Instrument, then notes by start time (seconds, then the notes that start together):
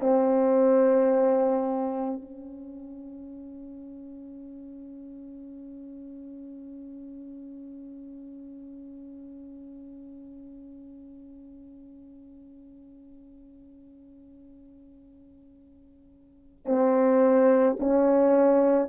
horn
0.00 C4
2.22 C#4
16.66 C4
17.79 C#4